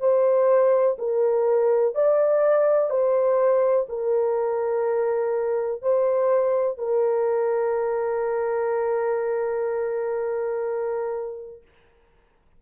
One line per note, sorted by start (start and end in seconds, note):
0.00 0.97 C5
0.99 1.95 A#4
1.95 2.90 D5
2.90 3.87 C5
3.89 5.82 A#4
5.82 6.78 C5
6.78 11.62 A#4